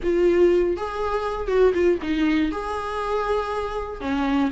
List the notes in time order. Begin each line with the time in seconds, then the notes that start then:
0.03 F4
0.77 G#4
1.47 F#4
1.74 F4
2.02 D#4
2.51 G#4
4.00 C#4